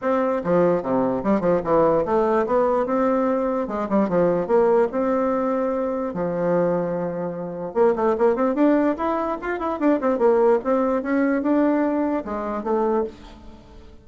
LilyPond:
\new Staff \with { instrumentName = "bassoon" } { \time 4/4 \tempo 4 = 147 c'4 f4 c4 g8 f8 | e4 a4 b4 c'4~ | c'4 gis8 g8 f4 ais4 | c'2. f4~ |
f2. ais8 a8 | ais8 c'8 d'4 e'4 f'8 e'8 | d'8 c'8 ais4 c'4 cis'4 | d'2 gis4 a4 | }